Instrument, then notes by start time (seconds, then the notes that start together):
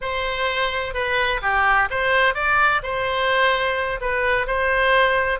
oboe
0.01 C5
0.94 B4
1.42 G4
1.90 C5
2.34 D5
2.83 C5
4.00 B4
4.47 C5